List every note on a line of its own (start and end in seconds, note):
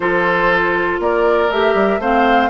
0.00 0.99 F3
0.00 1.50 F4
0.00 1.00 A4
0.00 0.99 C5
0.99 1.49 A#3
0.99 2.01 A#4
0.99 1.51 D5
1.50 1.74 A3
1.50 2.00 G4
1.50 2.01 E5
1.74 1.99 G3
1.99 2.49 A3
1.99 2.50 C4
1.99 2.50 C5
1.99 2.50 F5